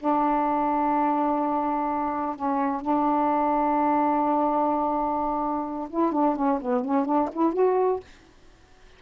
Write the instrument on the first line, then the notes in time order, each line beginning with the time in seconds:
saxophone
0.00 D4
2.36 C#4
2.82 D4
5.90 E4
6.12 D4
6.36 C#4
6.62 B3
6.85 C#4
7.06 D4
7.33 E4
7.54 F#4